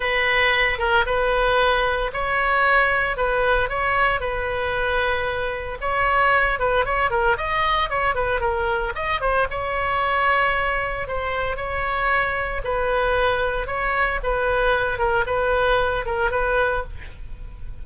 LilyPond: \new Staff \with { instrumentName = "oboe" } { \time 4/4 \tempo 4 = 114 b'4. ais'8 b'2 | cis''2 b'4 cis''4 | b'2. cis''4~ | cis''8 b'8 cis''8 ais'8 dis''4 cis''8 b'8 |
ais'4 dis''8 c''8 cis''2~ | cis''4 c''4 cis''2 | b'2 cis''4 b'4~ | b'8 ais'8 b'4. ais'8 b'4 | }